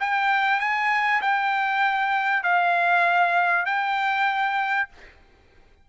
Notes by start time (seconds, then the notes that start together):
0.00 G5
0.60 G#5
1.22 G5
2.44 F5
3.66 G5